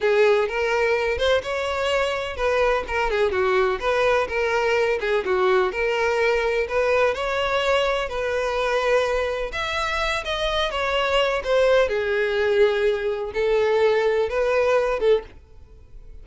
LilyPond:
\new Staff \with { instrumentName = "violin" } { \time 4/4 \tempo 4 = 126 gis'4 ais'4. c''8 cis''4~ | cis''4 b'4 ais'8 gis'8 fis'4 | b'4 ais'4. gis'8 fis'4 | ais'2 b'4 cis''4~ |
cis''4 b'2. | e''4. dis''4 cis''4. | c''4 gis'2. | a'2 b'4. a'8 | }